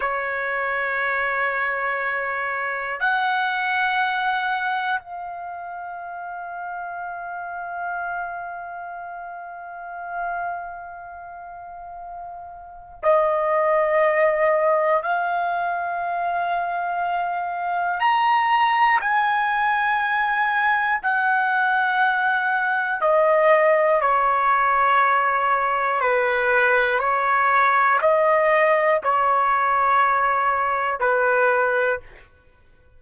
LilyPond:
\new Staff \with { instrumentName = "trumpet" } { \time 4/4 \tempo 4 = 60 cis''2. fis''4~ | fis''4 f''2.~ | f''1~ | f''4 dis''2 f''4~ |
f''2 ais''4 gis''4~ | gis''4 fis''2 dis''4 | cis''2 b'4 cis''4 | dis''4 cis''2 b'4 | }